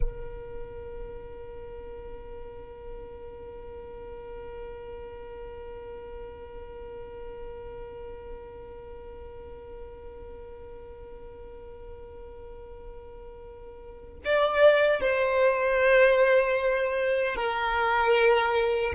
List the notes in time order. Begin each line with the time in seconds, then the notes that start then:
0.00 A#4
14.24 D5
15.00 C5
17.35 A#4